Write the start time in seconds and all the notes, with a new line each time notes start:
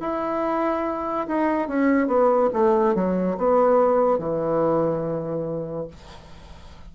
0.00 E4
1.28 D#4
1.68 C#4
2.07 B3
2.53 A3
2.95 F#3
3.37 B3
4.18 E3